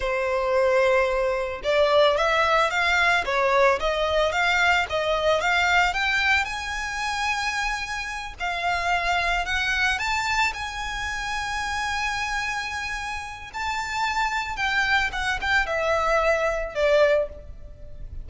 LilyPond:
\new Staff \with { instrumentName = "violin" } { \time 4/4 \tempo 4 = 111 c''2. d''4 | e''4 f''4 cis''4 dis''4 | f''4 dis''4 f''4 g''4 | gis''2.~ gis''8 f''8~ |
f''4. fis''4 a''4 gis''8~ | gis''1~ | gis''4 a''2 g''4 | fis''8 g''8 e''2 d''4 | }